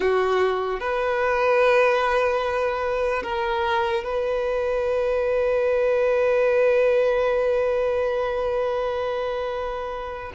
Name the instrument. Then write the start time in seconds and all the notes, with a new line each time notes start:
violin
0.00 F#4
0.80 B4
3.22 A#4
4.04 B4